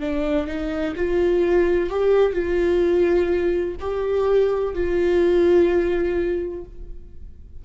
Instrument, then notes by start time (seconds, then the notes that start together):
viola
0.00 D4
0.47 D#4
0.96 F4
1.90 G4
2.32 F4
3.80 G4
4.74 F4